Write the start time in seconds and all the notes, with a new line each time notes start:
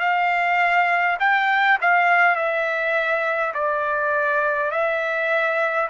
0.00 F5
1.20 G5
1.82 F5
2.36 E5
3.54 D5
4.72 E5